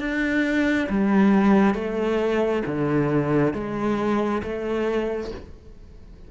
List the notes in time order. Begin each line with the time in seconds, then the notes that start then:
0.00 D4
0.89 G3
1.75 A3
2.66 D3
3.54 G#3
4.43 A3